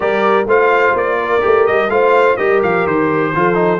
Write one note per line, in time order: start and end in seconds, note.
0.00 0.46 G3
0.00 0.45 G4
0.00 0.47 A#4
0.00 0.48 D5
0.46 0.93 A3
0.46 1.40 F4
0.46 1.19 C5
0.46 0.96 F5
0.94 1.42 A#3
0.94 1.66 D5
1.20 1.91 A#4
1.40 1.68 A3
1.40 1.88 G4
1.66 1.88 G3
1.66 1.90 D#5
1.88 2.36 A3
1.88 2.37 F4
1.88 2.37 C5
1.88 2.36 F5
2.36 2.62 G3
2.36 3.33 G4
2.36 3.32 A#4
2.36 2.60 D#5
2.62 2.86 F3
2.62 2.86 F5
2.86 3.33 D#3
2.86 3.79 C5
3.35 3.79 F3
3.35 3.54 F4
3.35 3.79 A4
3.54 3.78 D#4